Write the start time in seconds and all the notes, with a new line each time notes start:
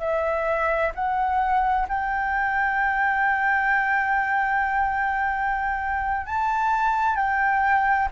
0.00 E5
0.95 F#5
1.89 G5
6.27 A5
7.16 G5